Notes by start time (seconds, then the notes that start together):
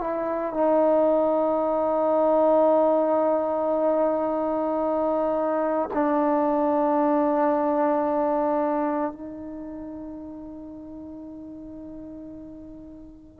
0.00 E4
0.54 D#4
5.94 D4
9.12 D#4